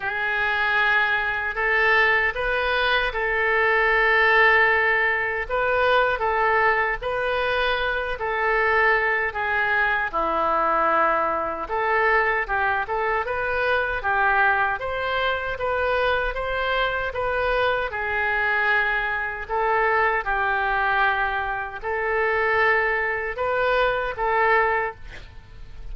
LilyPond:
\new Staff \with { instrumentName = "oboe" } { \time 4/4 \tempo 4 = 77 gis'2 a'4 b'4 | a'2. b'4 | a'4 b'4. a'4. | gis'4 e'2 a'4 |
g'8 a'8 b'4 g'4 c''4 | b'4 c''4 b'4 gis'4~ | gis'4 a'4 g'2 | a'2 b'4 a'4 | }